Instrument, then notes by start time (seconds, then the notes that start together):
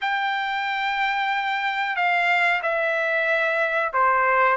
trumpet
0.01 G5
1.96 F5
2.62 E5
3.93 C5